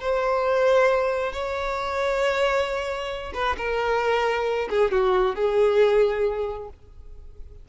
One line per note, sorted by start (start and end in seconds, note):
0.00 1.32 C5
1.32 3.32 C#5
3.34 3.56 B4
3.57 4.68 A#4
4.69 4.91 G#4
4.91 5.35 F#4
5.35 6.68 G#4